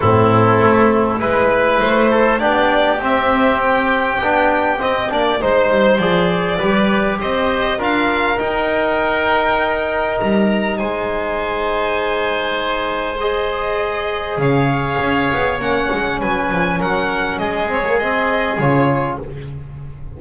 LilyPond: <<
  \new Staff \with { instrumentName = "violin" } { \time 4/4 \tempo 4 = 100 a'2 b'4 c''4 | d''4 e''4 g''2 | dis''8 d''8 c''4 d''2 | dis''4 f''4 g''2~ |
g''4 ais''4 gis''2~ | gis''2 dis''2 | f''2 fis''4 gis''4 | fis''4 dis''8 cis''8 dis''4 cis''4 | }
  \new Staff \with { instrumentName = "oboe" } { \time 4/4 e'2 b'4. a'8 | g'1~ | g'4 c''2 b'4 | c''4 ais'2.~ |
ais'2 c''2~ | c''1 | cis''2. b'4 | ais'4 gis'2. | }
  \new Staff \with { instrumentName = "trombone" } { \time 4/4 c'2 e'2 | d'4 c'2 d'4 | c'8 d'8 dis'4 gis'4 g'4~ | g'4 f'4 dis'2~ |
dis'1~ | dis'2 gis'2~ | gis'2 cis'2~ | cis'4. c'16 ais16 c'4 f'4 | }
  \new Staff \with { instrumentName = "double bass" } { \time 4/4 a,4 a4 gis4 a4 | b4 c'2 b4 | c'8 ais8 gis8 g8 f4 g4 | c'4 d'4 dis'2~ |
dis'4 g4 gis2~ | gis1 | cis4 cis'8 b8 ais8 gis8 fis8 f8 | fis4 gis2 cis4 | }
>>